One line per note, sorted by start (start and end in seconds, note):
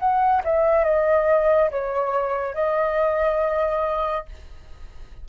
0.00 0.43 F#5
0.44 0.85 E5
0.85 1.70 D#5
1.71 2.55 C#5
2.55 4.26 D#5